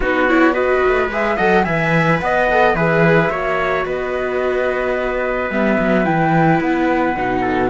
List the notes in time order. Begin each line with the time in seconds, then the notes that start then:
0.00 B3 D#4 F#4 B4
0.28 E4 C#5
0.52 F#4 B4 D#5
0.87 A3
1.08 G#3 G#4 E5
1.36 F#3 A4 D#5 F#5
1.63 E3 B4 E5 G#5
2.19 B3 D#5 F#5
2.50 A4
2.74 E3 G#4 B4 E5
3.30 A#3 F#4 C#5
3.85 B3 B4 D#5
5.50 G3 B3 E5
5.79 F#3
6.04 E3 E4 G5
6.60 B3 F#5
7.17 B2 D#4
7.41 A4